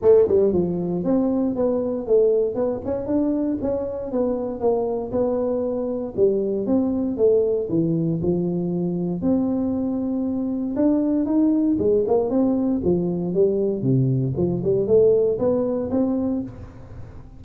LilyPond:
\new Staff \with { instrumentName = "tuba" } { \time 4/4 \tempo 4 = 117 a8 g8 f4 c'4 b4 | a4 b8 cis'8 d'4 cis'4 | b4 ais4 b2 | g4 c'4 a4 e4 |
f2 c'2~ | c'4 d'4 dis'4 gis8 ais8 | c'4 f4 g4 c4 | f8 g8 a4 b4 c'4 | }